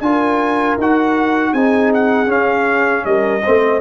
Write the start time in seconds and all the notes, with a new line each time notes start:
0.00 D4 F4 A#4 G#5
0.77 D#4 F#4 F#5
1.51 C4 D#4 G#4 G#5
1.94 F#5
2.26 C#4 F5
3.05 G3 A#4 D#5
3.43 A3 C4 C5